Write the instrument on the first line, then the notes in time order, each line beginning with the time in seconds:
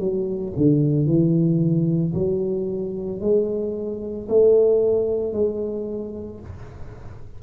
tuba
0.00 F#3
0.57 D3
1.07 E3
2.14 F#3
3.21 G#3
4.29 A3
5.33 G#3